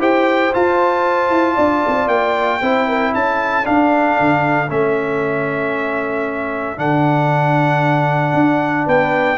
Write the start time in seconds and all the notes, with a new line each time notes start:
0.00 E4 G4 C5 G5
0.53 F4 A5
1.30 E4
1.55 D4 D5
1.88 C4
2.08 A#3 G5
2.62 C4 E4 C5
2.88 A#4
3.13 C#4 A4 A5
3.64 D4 F5
4.20 D3
4.70 A3 C#4 E5
6.77 D3 D4 F#5
8.34 D4
8.86 B3 B4 G5